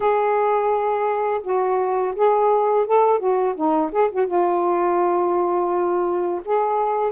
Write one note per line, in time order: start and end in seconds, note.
0.00 1.41 G#4
1.43 2.14 F#4
2.15 2.86 G#4
2.86 3.19 A4
3.19 3.55 F#4
3.55 3.91 D#4
3.92 4.09 G#4
4.11 4.27 F#4
4.27 6.41 F4
6.45 7.12 G#4